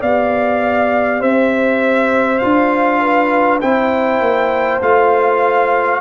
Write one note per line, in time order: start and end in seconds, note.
0.00 1.21 B3
0.00 2.41 G4
0.00 1.20 D5
0.00 1.22 F5
1.20 2.41 C4
1.20 3.00 C5
1.20 2.39 E5
2.39 3.62 D4
2.39 3.61 F4
2.39 3.59 F5
3.01 3.60 B4
3.60 4.20 C4
3.60 4.82 E4
3.60 6.00 C5
3.60 4.81 G5
4.20 4.80 A#3
4.81 6.01 A3
4.81 6.01 F4
4.81 6.01 F5